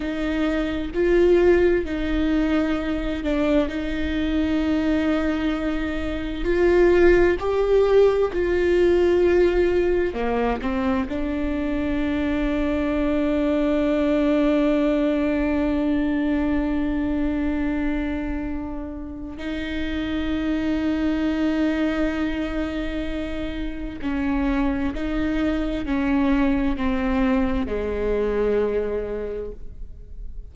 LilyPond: \new Staff \with { instrumentName = "viola" } { \time 4/4 \tempo 4 = 65 dis'4 f'4 dis'4. d'8 | dis'2. f'4 | g'4 f'2 ais8 c'8 | d'1~ |
d'1~ | d'4 dis'2.~ | dis'2 cis'4 dis'4 | cis'4 c'4 gis2 | }